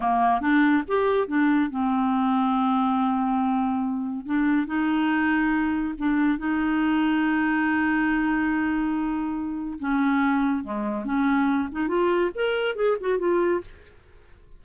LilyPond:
\new Staff \with { instrumentName = "clarinet" } { \time 4/4 \tempo 4 = 141 ais4 d'4 g'4 d'4 | c'1~ | c'2 d'4 dis'4~ | dis'2 d'4 dis'4~ |
dis'1~ | dis'2. cis'4~ | cis'4 gis4 cis'4. dis'8 | f'4 ais'4 gis'8 fis'8 f'4 | }